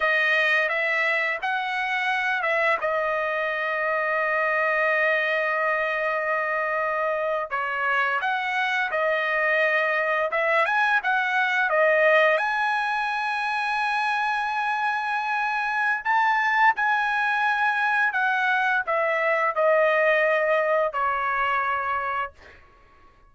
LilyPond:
\new Staff \with { instrumentName = "trumpet" } { \time 4/4 \tempo 4 = 86 dis''4 e''4 fis''4. e''8 | dis''1~ | dis''2~ dis''8. cis''4 fis''16~ | fis''8. dis''2 e''8 gis''8 fis''16~ |
fis''8. dis''4 gis''2~ gis''16~ | gis''2. a''4 | gis''2 fis''4 e''4 | dis''2 cis''2 | }